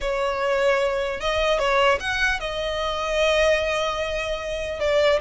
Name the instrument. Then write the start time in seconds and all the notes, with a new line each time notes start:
violin
0.01 C#5
1.20 D#5
1.59 C#5
2.00 F#5
2.40 D#5
4.79 D5